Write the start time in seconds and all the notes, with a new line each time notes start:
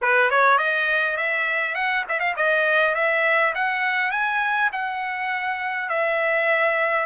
0.01 B4
0.30 C#5
0.58 D#5
1.16 E5
1.74 F#5
2.09 E5
2.19 F5
2.36 D#5
2.94 E5
3.55 F#5
4.11 G#5
4.72 F#5
5.89 E5